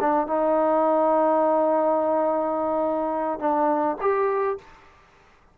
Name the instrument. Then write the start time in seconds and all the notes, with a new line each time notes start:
trombone
0.00 D4
0.27 D#4
3.39 D4
4.01 G4